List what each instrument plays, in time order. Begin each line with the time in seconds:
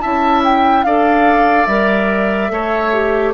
0.00 bassoon C#4, clarinet E4, oboe E5, flute A5
0.44 flute G5
0.83 bassoon D4, clarinet A4, oboe D5, flute F5
1.66 bassoon G3, clarinet A#4, flute E5
2.49 bassoon A3, clarinet A4, oboe C#5
2.92 clarinet G4